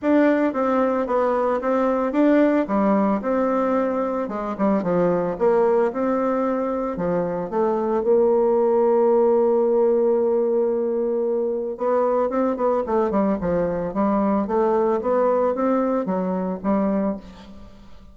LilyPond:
\new Staff \with { instrumentName = "bassoon" } { \time 4/4 \tempo 4 = 112 d'4 c'4 b4 c'4 | d'4 g4 c'2 | gis8 g8 f4 ais4 c'4~ | c'4 f4 a4 ais4~ |
ais1~ | ais2 b4 c'8 b8 | a8 g8 f4 g4 a4 | b4 c'4 fis4 g4 | }